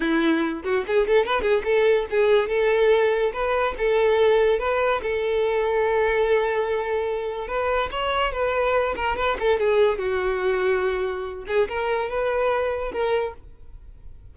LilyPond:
\new Staff \with { instrumentName = "violin" } { \time 4/4 \tempo 4 = 144 e'4. fis'8 gis'8 a'8 b'8 gis'8 | a'4 gis'4 a'2 | b'4 a'2 b'4 | a'1~ |
a'2 b'4 cis''4 | b'4. ais'8 b'8 a'8 gis'4 | fis'2.~ fis'8 gis'8 | ais'4 b'2 ais'4 | }